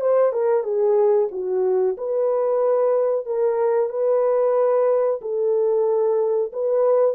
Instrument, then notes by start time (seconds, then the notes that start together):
horn
0.00 C5
0.32 A#4
0.63 G#4
1.31 F#4
1.97 B4
3.25 A#4
3.89 B4
5.21 A4
6.52 B4